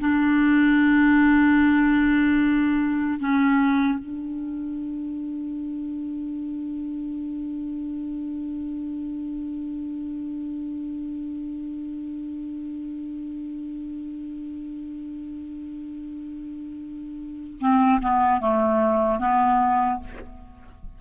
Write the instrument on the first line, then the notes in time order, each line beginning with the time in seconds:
clarinet
0.00 D4
3.20 C#4
3.99 D4
17.60 C4
18.02 B3
18.41 A3
19.20 B3